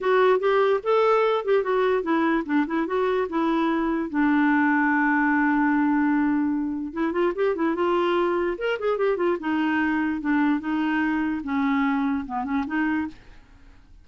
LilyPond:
\new Staff \with { instrumentName = "clarinet" } { \time 4/4 \tempo 4 = 147 fis'4 g'4 a'4. g'8 | fis'4 e'4 d'8 e'8 fis'4 | e'2 d'2~ | d'1~ |
d'4 e'8 f'8 g'8 e'8 f'4~ | f'4 ais'8 gis'8 g'8 f'8 dis'4~ | dis'4 d'4 dis'2 | cis'2 b8 cis'8 dis'4 | }